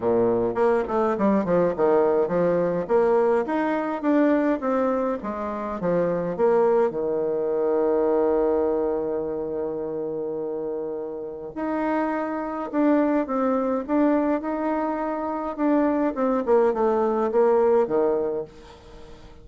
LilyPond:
\new Staff \with { instrumentName = "bassoon" } { \time 4/4 \tempo 4 = 104 ais,4 ais8 a8 g8 f8 dis4 | f4 ais4 dis'4 d'4 | c'4 gis4 f4 ais4 | dis1~ |
dis1 | dis'2 d'4 c'4 | d'4 dis'2 d'4 | c'8 ais8 a4 ais4 dis4 | }